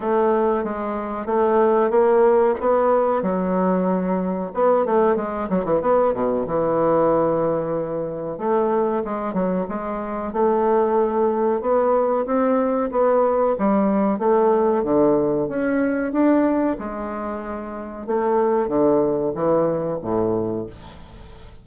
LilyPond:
\new Staff \with { instrumentName = "bassoon" } { \time 4/4 \tempo 4 = 93 a4 gis4 a4 ais4 | b4 fis2 b8 a8 | gis8 fis16 e16 b8 b,8 e2~ | e4 a4 gis8 fis8 gis4 |
a2 b4 c'4 | b4 g4 a4 d4 | cis'4 d'4 gis2 | a4 d4 e4 a,4 | }